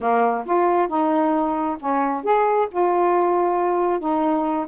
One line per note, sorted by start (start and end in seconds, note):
0.00 0.45 A#3
0.45 0.88 F4
0.88 1.77 D#4
1.79 2.23 C#4
2.23 2.68 G#4
2.71 3.99 F4
3.99 4.66 D#4